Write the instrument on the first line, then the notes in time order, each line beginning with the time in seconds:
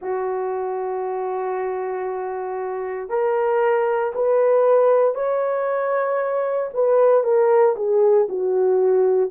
horn
0.01 F#4
3.09 A#4
4.14 B4
5.14 C#5
6.73 B4
7.23 A#4
7.75 G#4
8.28 F#4